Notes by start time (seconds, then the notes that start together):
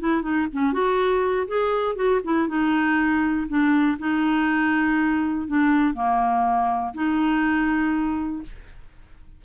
0.00 E4
0.22 D#4
0.53 C#4
0.73 F#4
1.47 G#4
1.95 F#4
2.24 E4
2.48 D#4
3.48 D4
3.99 D#4
5.47 D4
5.94 A#3
6.94 D#4